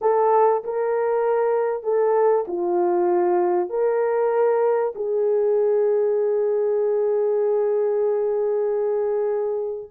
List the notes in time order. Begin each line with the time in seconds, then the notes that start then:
0.01 A4
0.64 A#4
1.83 A4
2.47 F4
3.69 A#4
4.95 G#4